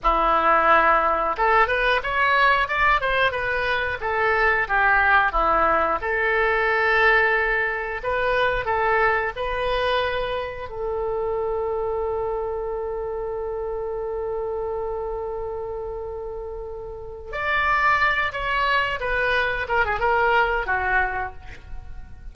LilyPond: \new Staff \with { instrumentName = "oboe" } { \time 4/4 \tempo 4 = 90 e'2 a'8 b'8 cis''4 | d''8 c''8 b'4 a'4 g'4 | e'4 a'2. | b'4 a'4 b'2 |
a'1~ | a'1~ | a'2 d''4. cis''8~ | cis''8 b'4 ais'16 gis'16 ais'4 fis'4 | }